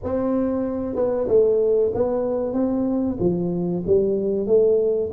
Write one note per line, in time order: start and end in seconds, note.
0.03 0.95 C4
0.95 1.27 B3
1.28 1.91 A3
1.94 2.53 B3
2.53 3.17 C4
3.19 3.83 F3
3.86 4.46 G3
4.46 5.10 A3